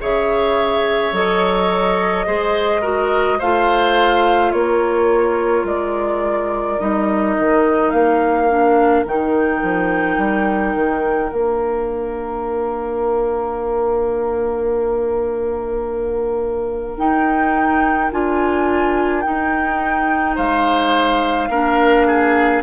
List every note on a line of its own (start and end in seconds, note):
0.00 1.12 C#3
0.00 1.13 G#4
0.00 2.26 C#5
0.00 1.14 E5
1.12 2.25 F#3
1.12 2.25 A4
1.12 3.40 D#5
2.25 3.40 G#3
2.25 2.82 G#4
2.25 2.81 C5
2.81 3.38 F#4
2.81 3.38 A#4
3.39 4.53 A3
3.39 6.80 F4
3.39 4.52 C5
3.39 4.52 F5
4.52 5.64 A#3
4.52 20.35 A#4
4.52 5.65 C#5
5.64 6.77 G#3
5.64 6.79 D5
6.79 7.37 G3
6.79 8.49 D#4
6.79 7.90 D#5
7.38 7.92 D#3
7.90 9.05 A#3
7.90 9.04 F5
8.49 9.05 D4
9.05 9.62 D#3
9.05 11.30 D#4
9.05 11.33 G5
9.62 10.18 F3
10.18 10.74 G3
10.75 11.31 D#3
11.30 16.98 A#3
11.30 16.96 D4
11.30 16.98 F5
16.97 18.10 D#4
16.97 18.11 D#4
16.97 18.11 G5
18.11 19.25 D4
18.11 19.23 F4
18.11 19.21 G#5
19.21 21.50 D#4
19.21 20.38 D#4
19.21 20.34 G5
20.35 21.49 G#3
20.35 21.49 C5
20.35 22.63 F5
21.49 22.62 A#3
21.49 22.63 D4
21.49 22.07 A#4
22.07 22.63 G#4